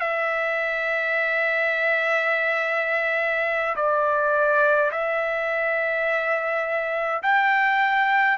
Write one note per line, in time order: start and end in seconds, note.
0.00 3.75 E5
3.76 4.91 D5
4.91 7.22 E5
7.23 8.38 G5